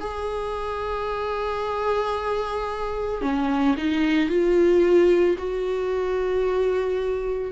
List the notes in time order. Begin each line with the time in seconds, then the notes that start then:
0.00 G#4
3.21 C#4
3.77 D#4
4.29 F4
5.38 F#4